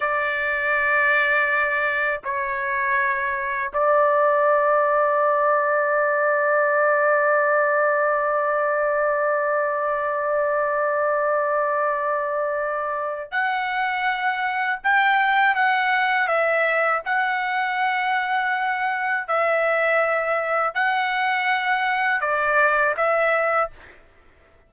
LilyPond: \new Staff \with { instrumentName = "trumpet" } { \time 4/4 \tempo 4 = 81 d''2. cis''4~ | cis''4 d''2.~ | d''1~ | d''1~ |
d''2 fis''2 | g''4 fis''4 e''4 fis''4~ | fis''2 e''2 | fis''2 d''4 e''4 | }